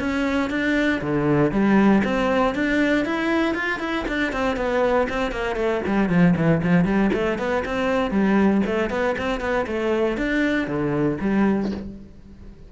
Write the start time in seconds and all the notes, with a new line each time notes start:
0.00 C#4
0.51 D4
1.02 D3
1.52 G3
2.05 C4
2.55 D4
3.06 E4
3.55 F4
3.80 E4
4.08 D4
4.33 C4
4.57 B3
5.10 C4
5.32 A#3
5.56 A3
5.87 G3
6.09 F3
6.37 E3
6.63 F3
6.85 G3
7.14 A3
7.39 B3
7.66 C4
8.11 G3
8.66 A3
8.91 B3
9.18 C4
9.41 B3
9.67 A3
10.18 D4
10.68 D3
11.21 G3